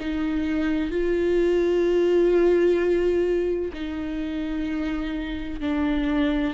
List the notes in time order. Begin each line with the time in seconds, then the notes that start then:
0.00 D#4
0.91 F4
3.73 D#4
5.60 D4